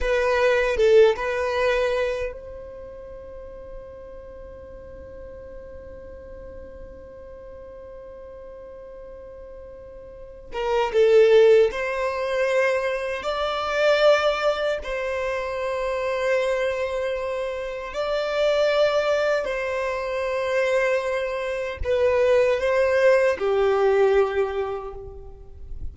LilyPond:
\new Staff \with { instrumentName = "violin" } { \time 4/4 \tempo 4 = 77 b'4 a'8 b'4. c''4~ | c''1~ | c''1~ | c''4. ais'8 a'4 c''4~ |
c''4 d''2 c''4~ | c''2. d''4~ | d''4 c''2. | b'4 c''4 g'2 | }